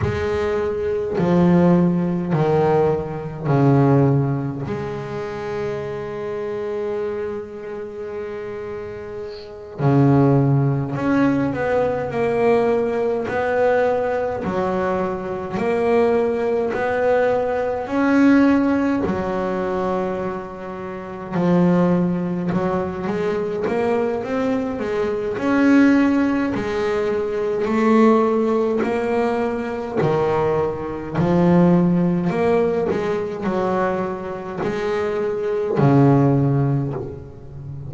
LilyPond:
\new Staff \with { instrumentName = "double bass" } { \time 4/4 \tempo 4 = 52 gis4 f4 dis4 cis4 | gis1~ | gis8 cis4 cis'8 b8 ais4 b8~ | b8 fis4 ais4 b4 cis'8~ |
cis'8 fis2 f4 fis8 | gis8 ais8 c'8 gis8 cis'4 gis4 | a4 ais4 dis4 f4 | ais8 gis8 fis4 gis4 cis4 | }